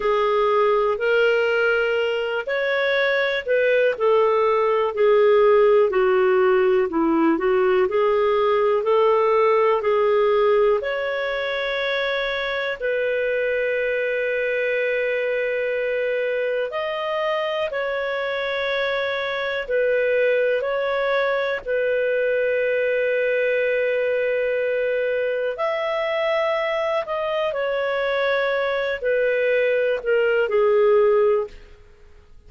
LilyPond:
\new Staff \with { instrumentName = "clarinet" } { \time 4/4 \tempo 4 = 61 gis'4 ais'4. cis''4 b'8 | a'4 gis'4 fis'4 e'8 fis'8 | gis'4 a'4 gis'4 cis''4~ | cis''4 b'2.~ |
b'4 dis''4 cis''2 | b'4 cis''4 b'2~ | b'2 e''4. dis''8 | cis''4. b'4 ais'8 gis'4 | }